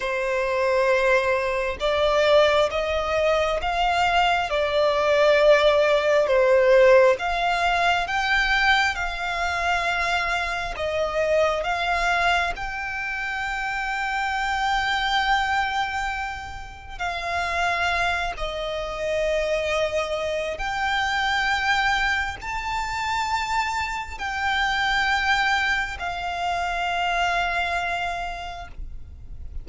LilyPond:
\new Staff \with { instrumentName = "violin" } { \time 4/4 \tempo 4 = 67 c''2 d''4 dis''4 | f''4 d''2 c''4 | f''4 g''4 f''2 | dis''4 f''4 g''2~ |
g''2. f''4~ | f''8 dis''2~ dis''8 g''4~ | g''4 a''2 g''4~ | g''4 f''2. | }